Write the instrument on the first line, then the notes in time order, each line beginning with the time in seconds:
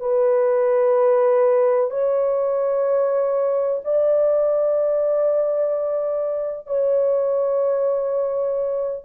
horn
0.00 B4
1.90 C#5
3.84 D5
6.67 C#5